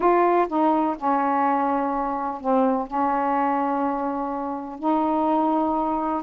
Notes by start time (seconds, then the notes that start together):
0.00 F4
0.48 D#4
0.97 C#4
2.40 C4
2.87 C#4
4.79 D#4